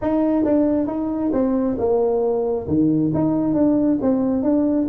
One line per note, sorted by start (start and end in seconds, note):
0.01 0.44 D#4
0.44 0.87 D4
0.87 1.31 D#4
1.32 1.77 C4
1.78 2.67 A#3
2.67 3.12 D#3
3.14 3.54 D#4
3.54 3.98 D4
4.01 4.42 C4
4.42 4.87 D4